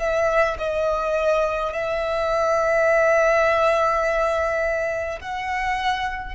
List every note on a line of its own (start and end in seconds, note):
0.00 0.58 E5
0.59 1.73 D#5
1.73 5.19 E5
5.21 6.35 F#5